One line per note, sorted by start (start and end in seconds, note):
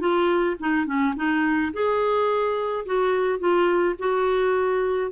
0.00 0.56 F4
0.59 0.86 D#4
0.86 1.14 C#4
1.16 1.72 D#4
1.73 2.85 G#4
2.85 3.39 F#4
3.39 3.95 F4
3.99 5.11 F#4